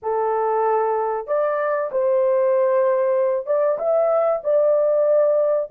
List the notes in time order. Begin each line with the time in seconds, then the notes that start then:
0.02 A4
1.27 D5
1.91 C5
3.46 D5
3.78 E5
4.43 D5